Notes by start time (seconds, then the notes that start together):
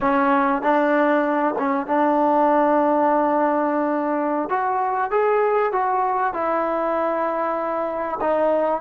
0.01 C#4
0.62 D4
1.58 C#4
1.86 D4
4.49 F#4
5.11 G#4
5.72 F#4
6.33 E4
8.20 D#4